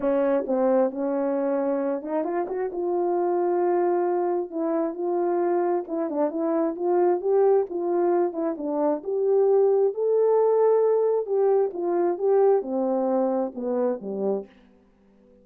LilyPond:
\new Staff \with { instrumentName = "horn" } { \time 4/4 \tempo 4 = 133 cis'4 c'4 cis'2~ | cis'8 dis'8 f'8 fis'8 f'2~ | f'2 e'4 f'4~ | f'4 e'8 d'8 e'4 f'4 |
g'4 f'4. e'8 d'4 | g'2 a'2~ | a'4 g'4 f'4 g'4 | c'2 b4 g4 | }